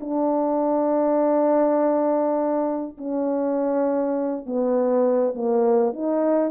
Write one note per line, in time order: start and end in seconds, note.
0.00 2.97 D4
2.97 4.46 C#4
4.46 5.34 B3
5.34 5.93 A#3
5.93 6.51 D#4